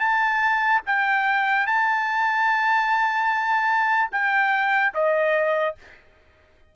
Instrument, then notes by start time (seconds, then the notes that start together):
trumpet
0.00 A5
0.86 G5
1.67 A5
4.12 G5
4.94 D#5